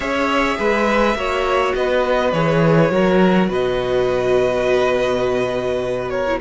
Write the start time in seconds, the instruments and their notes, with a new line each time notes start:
0.00 cello C#4, viola G#4, violin C#5 E5
0.58 cello G#3, violin B4
1.15 cello A#3, viola F#4, violin C#5
1.75 cello B3, violin B4 D#5
2.32 cello E3, viola G#4, violin C#5
2.90 cello F#3, viola F#4, violin A#4
3.48 cello B2, violin B4 D#5
6.09 violin A#4 C#5
6.26 viola E4